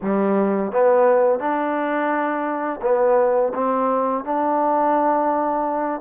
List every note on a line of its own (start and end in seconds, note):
0.02 0.72 G3
0.72 1.39 B3
1.39 2.80 D4
2.82 3.52 B3
3.54 4.24 C4
4.24 6.01 D4